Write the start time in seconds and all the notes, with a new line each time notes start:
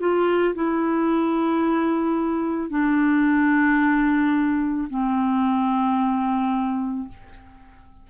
0.00 F4
0.55 E4
2.70 D4
4.90 C4